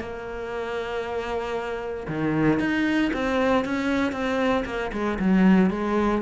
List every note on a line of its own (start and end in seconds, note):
0.00 2.07 A#3
2.08 2.60 D#3
2.60 3.12 D#4
3.13 3.65 C4
3.65 4.12 C#4
4.12 4.64 C4
4.66 4.91 A#3
4.93 5.18 G#3
5.19 5.71 F#3
5.71 6.22 G#3